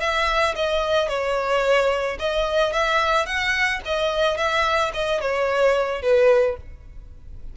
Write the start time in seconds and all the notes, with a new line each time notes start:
0.00 E5
0.56 D#5
1.08 C#5
2.19 D#5
2.73 E5
3.26 F#5
3.85 D#5
4.37 E5
4.94 D#5
5.21 C#5
6.02 B4